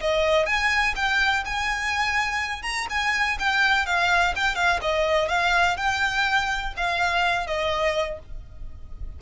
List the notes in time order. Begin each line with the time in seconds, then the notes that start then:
0.00 D#5
0.46 G#5
0.95 G5
1.45 G#5
2.62 A#5
2.89 G#5
3.39 G5
3.86 F5
4.35 G5
4.55 F5
4.81 D#5
5.28 F5
5.77 G5
6.77 F5
7.47 D#5